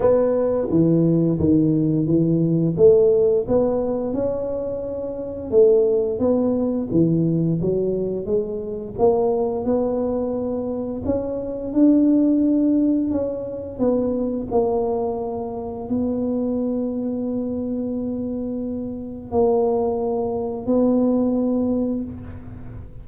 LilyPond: \new Staff \with { instrumentName = "tuba" } { \time 4/4 \tempo 4 = 87 b4 e4 dis4 e4 | a4 b4 cis'2 | a4 b4 e4 fis4 | gis4 ais4 b2 |
cis'4 d'2 cis'4 | b4 ais2 b4~ | b1 | ais2 b2 | }